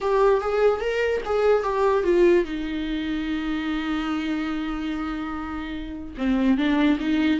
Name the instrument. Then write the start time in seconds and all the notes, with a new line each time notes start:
viola
0.01 G4
0.40 G#4
0.80 A#4
1.25 G#4
1.63 G4
2.03 F4
2.44 D#4
6.17 C4
6.57 D4
6.99 D#4